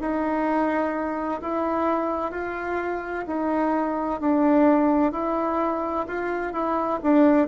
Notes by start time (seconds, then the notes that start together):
0.00 D#4
1.41 E4
2.31 F4
3.26 D#4
4.20 D4
5.12 E4
6.07 F4
6.52 E4
7.03 D4